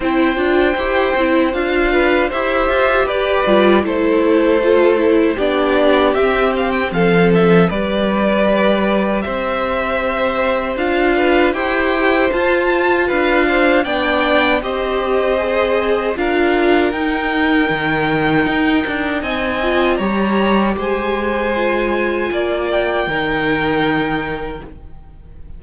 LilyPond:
<<
  \new Staff \with { instrumentName = "violin" } { \time 4/4 \tempo 4 = 78 g''2 f''4 e''4 | d''4 c''2 d''4 | e''8 f''16 g''16 f''8 e''8 d''2 | e''2 f''4 g''4 |
a''4 f''4 g''4 dis''4~ | dis''4 f''4 g''2~ | g''4 gis''4 ais''4 gis''4~ | gis''4. g''2~ g''8 | }
  \new Staff \with { instrumentName = "violin" } { \time 4/4 c''2~ c''8 b'8 c''4 | b'4 a'2 g'4~ | g'4 a'4 b'2 | c''2~ c''8 b'8 c''4~ |
c''4 b'8 c''8 d''4 c''4~ | c''4 ais'2.~ | ais'4 dis''4 cis''4 c''4~ | c''4 d''4 ais'2 | }
  \new Staff \with { instrumentName = "viola" } { \time 4/4 e'8 f'8 g'8 e'8 f'4 g'4~ | g'8 f'8 e'4 f'8 e'8 d'4 | c'2 g'2~ | g'2 f'4 g'4 |
f'2 d'4 g'4 | gis'4 f'4 dis'2~ | dis'4. f'8 g'2 | f'2 dis'2 | }
  \new Staff \with { instrumentName = "cello" } { \time 4/4 c'8 d'8 e'8 c'8 d'4 e'8 f'8 | g'8 g8 a2 b4 | c'4 f4 g2 | c'2 d'4 e'4 |
f'4 d'4 b4 c'4~ | c'4 d'4 dis'4 dis4 | dis'8 d'8 c'4 g4 gis4~ | gis4 ais4 dis2 | }
>>